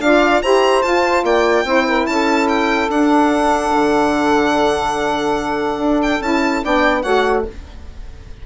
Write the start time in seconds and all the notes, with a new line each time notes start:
0.00 D4 F4 D5 F5
0.42 E4 G4 C5 A#5
0.83 F4 A5
1.24 A#3 D5 G5
1.65 C4 E4 C5
1.87 A#4
2.07 C#4 A4 A5
2.49 G5
2.89 D4 F#5
3.72 D3
5.78 D4
6.03 G5
6.21 C#4 E4 A5
6.64 B3 D4 D5 G5
7.02 A3 F#4 C#5 F#5